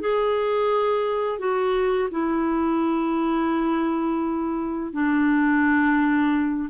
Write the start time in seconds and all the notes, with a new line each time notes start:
0.00 G#4
1.38 F#4
2.10 E4
4.93 D4